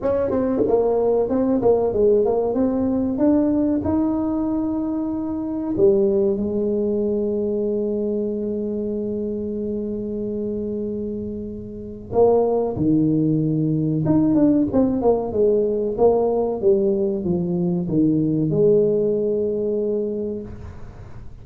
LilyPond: \new Staff \with { instrumentName = "tuba" } { \time 4/4 \tempo 4 = 94 cis'8 c'8 ais4 c'8 ais8 gis8 ais8 | c'4 d'4 dis'2~ | dis'4 g4 gis2~ | gis1~ |
gis2. ais4 | dis2 dis'8 d'8 c'8 ais8 | gis4 ais4 g4 f4 | dis4 gis2. | }